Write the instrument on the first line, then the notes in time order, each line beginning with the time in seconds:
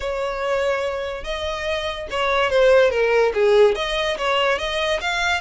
violin
0.00 C#5
1.24 D#5
2.10 C#5
2.50 C5
2.90 A#4
3.34 G#4
3.75 D#5
4.17 C#5
4.58 D#5
5.00 F5